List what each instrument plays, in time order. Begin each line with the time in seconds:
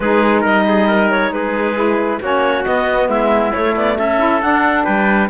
0.00 cello G#3, saxophone D#4, trumpet G#4, clarinet B4
0.41 cello G3, trumpet A#4, clarinet D#5
0.67 trumpet G#4
0.87 trumpet A#4
1.11 clarinet C#5
1.31 cello G#3, trumpet G#4, clarinet B4
1.75 saxophone E4
2.21 cello A#3, saxophone C#4, trumpet F#4, clarinet C#5
2.65 saxophone B3, cello B3, clarinet D#5
3.08 cello G#3, trumpet E4, clarinet E5
3.52 saxophone A3, cello A3, clarinet C#5
3.75 cello B3, clarinet D5
3.98 cello C#4, trumpet A4, clarinet E5
4.18 saxophone E4
4.41 saxophone D4, cello D4, clarinet F#5
4.84 cello G3, trumpet B4, clarinet G5